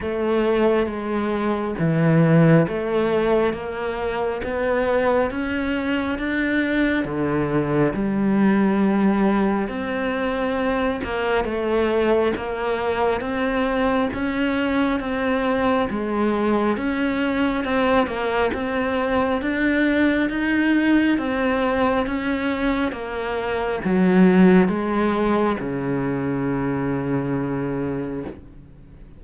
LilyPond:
\new Staff \with { instrumentName = "cello" } { \time 4/4 \tempo 4 = 68 a4 gis4 e4 a4 | ais4 b4 cis'4 d'4 | d4 g2 c'4~ | c'8 ais8 a4 ais4 c'4 |
cis'4 c'4 gis4 cis'4 | c'8 ais8 c'4 d'4 dis'4 | c'4 cis'4 ais4 fis4 | gis4 cis2. | }